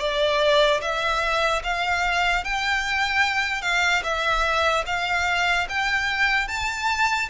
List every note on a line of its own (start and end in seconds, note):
0.00 0.81 D5
0.82 1.63 E5
1.64 2.45 F5
2.45 3.62 G5
3.62 4.03 F5
4.04 4.85 E5
4.87 5.68 F5
5.69 6.48 G5
6.48 7.29 A5